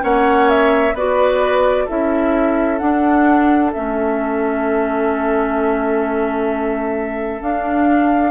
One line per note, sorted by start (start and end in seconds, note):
0.00 0.93 A#3
0.00 0.92 C#4
0.00 0.95 C#5
0.00 0.50 F#5
0.50 0.96 E5
0.93 1.86 B3
0.93 1.88 F#4
0.93 1.85 B4
0.93 1.89 D5
1.85 2.81 C#4
1.85 2.79 E4
1.85 8.31 A4
1.85 2.78 E5
2.78 3.72 D4
2.78 3.73 D4
2.78 3.71 F#5
3.73 7.41 A3
3.73 7.41 C#4
3.73 7.42 E5
7.41 8.31 D4
7.41 8.31 F5